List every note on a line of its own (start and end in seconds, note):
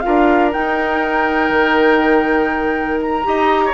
0.00 0.52 F4
0.00 3.27 A#4
0.00 0.50 F5
0.07 0.55 D4
0.52 3.24 D#4
0.52 1.49 D#4
0.52 3.00 G5
1.49 3.23 D#3
3.01 3.74 A#5
3.24 3.74 D#4
3.24 3.73 G4
3.24 3.65 D#5
3.65 3.74 C#5